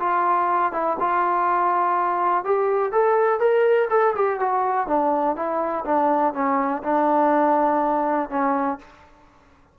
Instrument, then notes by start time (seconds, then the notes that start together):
trombone
0.00 F4
0.73 E4
1.00 F4
2.45 G4
2.92 A4
3.40 A#4
3.90 A4
4.16 G4
4.40 F#4
4.88 D4
5.36 E4
5.86 D4
6.34 C#4
6.84 D4
8.30 C#4